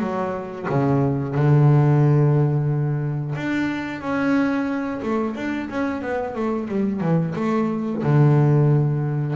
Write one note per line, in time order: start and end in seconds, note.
0.00 0.67 F#3
0.70 1.35 C#3
1.35 3.35 D3
3.35 4.01 D4
4.01 5.01 C#4
5.03 5.36 A3
5.36 5.69 D4
5.70 6.02 C#4
6.02 6.35 B3
6.35 6.68 A3
6.68 7.01 G3
7.01 7.35 E3
7.36 8.02 A3
8.03 9.36 D3